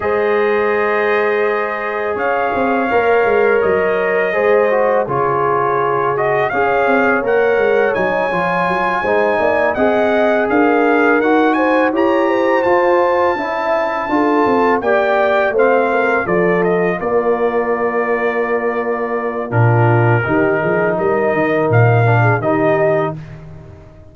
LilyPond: <<
  \new Staff \with { instrumentName = "trumpet" } { \time 4/4 \tempo 4 = 83 dis''2. f''4~ | f''4 dis''2 cis''4~ | cis''8 dis''8 f''4 fis''4 gis''4~ | gis''4. fis''4 f''4 fis''8 |
gis''8 ais''4 a''2~ a''8~ | a''8 g''4 f''4 d''8 dis''8 d''8~ | d''2. ais'4~ | ais'4 dis''4 f''4 dis''4 | }
  \new Staff \with { instrumentName = "horn" } { \time 4/4 c''2. cis''4~ | cis''2 c''4 gis'4~ | gis'4 cis''2.~ | cis''8 c''8 d''8 dis''4 ais'4. |
c''8 cis''8 c''4. e''4 a'8~ | a'8 d''4 c''8 ais'8 a'4 ais'8~ | ais'2. f'4 | g'8 gis'8 ais'4.~ ais'16 gis'16 g'4 | }
  \new Staff \with { instrumentName = "trombone" } { \time 4/4 gis'1 | ais'2 gis'8 fis'8 f'4~ | f'8 fis'8 gis'4 ais'4 dis'8 f'8~ | f'8 dis'4 gis'2 fis'8~ |
fis'8 g'4 f'4 e'4 f'8~ | f'8 g'4 c'4 f'4.~ | f'2. d'4 | dis'2~ dis'8 d'8 dis'4 | }
  \new Staff \with { instrumentName = "tuba" } { \time 4/4 gis2. cis'8 c'8 | ais8 gis8 fis4 gis4 cis4~ | cis4 cis'8 c'8 ais8 gis8 fis8 f8 | fis8 gis8 ais8 c'4 d'4 dis'8~ |
dis'8 e'4 f'4 cis'4 d'8 | c'8 ais4 a4 f4 ais8~ | ais2. ais,4 | dis8 f8 g8 dis8 ais,4 dis4 | }
>>